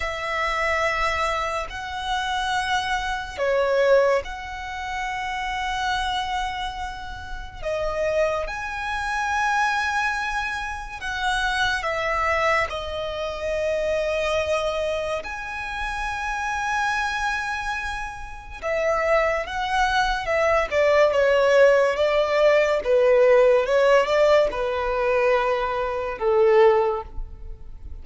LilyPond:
\new Staff \with { instrumentName = "violin" } { \time 4/4 \tempo 4 = 71 e''2 fis''2 | cis''4 fis''2.~ | fis''4 dis''4 gis''2~ | gis''4 fis''4 e''4 dis''4~ |
dis''2 gis''2~ | gis''2 e''4 fis''4 | e''8 d''8 cis''4 d''4 b'4 | cis''8 d''8 b'2 a'4 | }